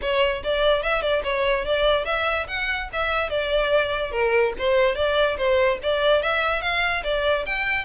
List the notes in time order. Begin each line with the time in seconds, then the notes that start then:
0.01 C#5
0.43 D5
0.83 E5
1.02 D5
1.23 C#5
1.65 D5
2.05 E5
2.47 F#5
2.93 E5
3.29 D5
4.11 A#4
4.58 C5
4.95 D5
5.37 C5
5.83 D5
6.22 E5
6.61 F5
7.03 D5
7.46 G5